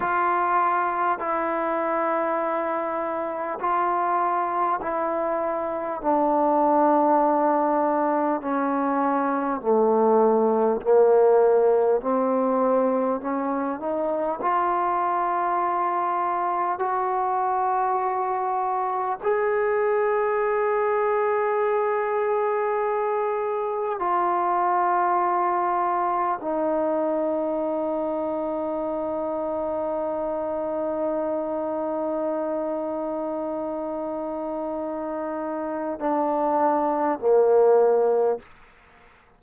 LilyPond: \new Staff \with { instrumentName = "trombone" } { \time 4/4 \tempo 4 = 50 f'4 e'2 f'4 | e'4 d'2 cis'4 | a4 ais4 c'4 cis'8 dis'8 | f'2 fis'2 |
gis'1 | f'2 dis'2~ | dis'1~ | dis'2 d'4 ais4 | }